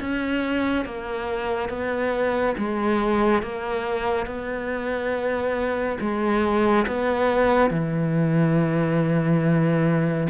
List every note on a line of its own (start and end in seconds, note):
0.00 0.85 C#4
0.85 1.69 A#3
1.69 2.55 B3
2.57 3.42 G#3
3.42 4.27 A#3
4.27 5.98 B3
6.00 6.86 G#3
6.87 7.70 B3
7.70 10.27 E3